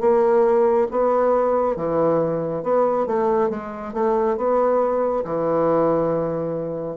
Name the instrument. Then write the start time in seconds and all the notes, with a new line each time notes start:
bassoon
0.00 A#3
0.91 B3
1.76 E3
2.63 B3
3.06 A3
3.50 G#3
3.93 A3
4.37 B3
5.25 E3